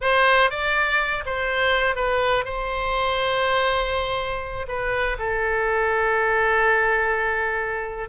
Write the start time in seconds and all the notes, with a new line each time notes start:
0.01 C5
0.50 D5
1.25 C5
1.95 B4
2.45 C5
4.68 B4
5.18 A4